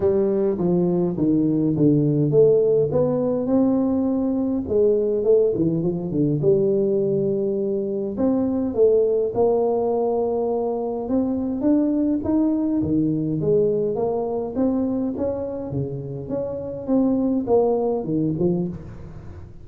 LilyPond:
\new Staff \with { instrumentName = "tuba" } { \time 4/4 \tempo 4 = 103 g4 f4 dis4 d4 | a4 b4 c'2 | gis4 a8 e8 f8 d8 g4~ | g2 c'4 a4 |
ais2. c'4 | d'4 dis'4 dis4 gis4 | ais4 c'4 cis'4 cis4 | cis'4 c'4 ais4 dis8 f8 | }